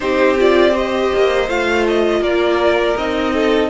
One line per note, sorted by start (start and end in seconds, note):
0.00 1.12 C4
0.00 0.36 D#4
0.00 0.72 G4
0.00 0.37 C5
0.38 0.72 F4
0.38 0.76 D5
0.72 1.46 G4
0.72 2.20 C5
0.72 1.49 D#5
1.14 1.48 A#3
1.48 2.20 A3
1.48 2.96 F4
1.48 1.86 F5
1.87 2.22 D#5
2.20 2.94 A#3
2.20 3.33 A#4
2.20 2.96 D5
2.96 3.69 C4
2.96 3.69 D#4
2.96 3.69 D#5
3.33 3.69 A4